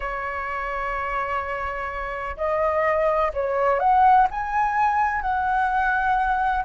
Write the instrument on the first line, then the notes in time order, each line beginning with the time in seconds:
flute
0.00 C#5
2.37 D#5
3.33 C#5
3.79 F#5
4.31 G#5
5.21 F#5